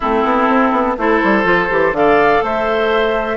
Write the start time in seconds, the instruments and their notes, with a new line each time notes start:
0.00 bassoon A3, clarinet C4, oboe E4, flute A4
0.23 bassoon B3
0.48 bassoon C4
0.71 bassoon B3
0.97 bassoon A3, clarinet E4, oboe A4, flute C5
1.23 bassoon G3
1.43 bassoon F3, clarinet F4
1.69 bassoon E3, clarinet G4
1.91 bassoon D3, clarinet A4, flute F5
1.98 oboe D5
2.42 bassoon A3, oboe C5, flute E5